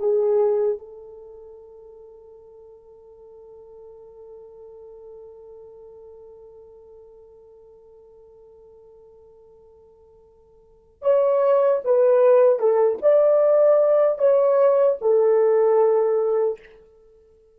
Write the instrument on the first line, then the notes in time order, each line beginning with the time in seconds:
horn
0.00 G#4
0.79 A4
11.02 C#5
11.85 B4
12.60 A4
13.03 D5
14.19 C#5
15.02 A4